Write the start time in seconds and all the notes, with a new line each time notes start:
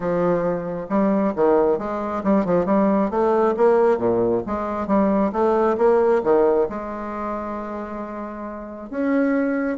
0.00 F3
0.89 G3
1.35 D#3
1.78 G#3
2.23 G3
2.45 F3
2.65 G3
3.10 A3
3.56 A#3
3.98 A#2
4.46 G#3
4.87 G3
5.32 A3
5.77 A#3
6.23 D#3
6.69 G#3
8.90 C#4